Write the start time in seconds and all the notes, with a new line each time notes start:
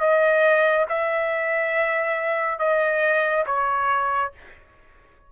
0.00 D#5
0.89 E5
2.59 D#5
3.46 C#5